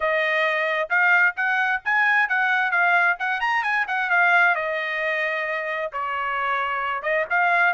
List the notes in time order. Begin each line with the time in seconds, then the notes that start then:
0.00 D#5
0.89 F5
1.36 F#5
1.84 G#5
2.28 F#5
2.71 F5
3.19 F#5
3.40 A#5
3.63 G#5
3.87 F#5
4.10 F5
4.55 D#5
5.92 C#5
7.02 D#5
7.30 F5